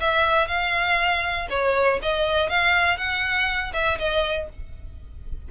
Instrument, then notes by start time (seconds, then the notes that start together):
violin
0.00 E5
0.47 F5
1.50 C#5
2.02 D#5
2.49 F5
2.97 F#5
3.73 E5
3.98 D#5